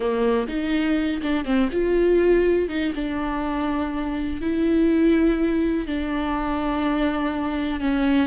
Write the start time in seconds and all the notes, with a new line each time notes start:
0.00 A#3
0.48 D#4
1.22 D4
1.45 C4
1.72 F4
2.69 D#4
2.94 D4
4.41 E4
5.86 D4
7.80 C#4